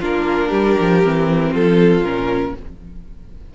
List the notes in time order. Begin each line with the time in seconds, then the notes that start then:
0.00 A#3 D4 F4 A#4
0.49 G3 G4
0.80 F3
1.03 E3 C4
1.52 F3 F4 A4
2.02 A#2 C#4 A#4